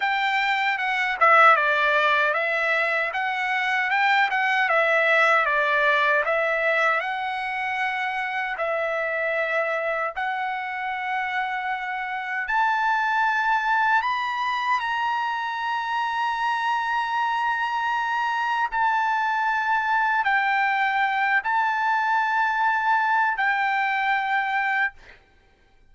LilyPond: \new Staff \with { instrumentName = "trumpet" } { \time 4/4 \tempo 4 = 77 g''4 fis''8 e''8 d''4 e''4 | fis''4 g''8 fis''8 e''4 d''4 | e''4 fis''2 e''4~ | e''4 fis''2. |
a''2 b''4 ais''4~ | ais''1 | a''2 g''4. a''8~ | a''2 g''2 | }